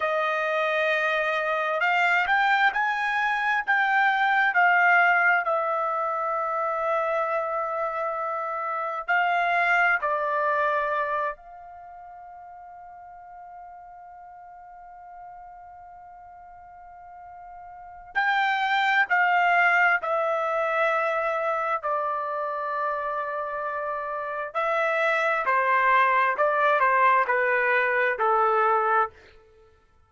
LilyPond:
\new Staff \with { instrumentName = "trumpet" } { \time 4/4 \tempo 4 = 66 dis''2 f''8 g''8 gis''4 | g''4 f''4 e''2~ | e''2 f''4 d''4~ | d''8 f''2.~ f''8~ |
f''1 | g''4 f''4 e''2 | d''2. e''4 | c''4 d''8 c''8 b'4 a'4 | }